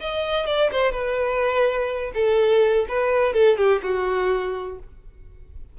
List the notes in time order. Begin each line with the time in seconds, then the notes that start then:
0.00 D#5
0.46 D5
0.72 C5
0.92 B4
2.14 A4
2.88 B4
3.33 A4
3.57 G4
3.83 F#4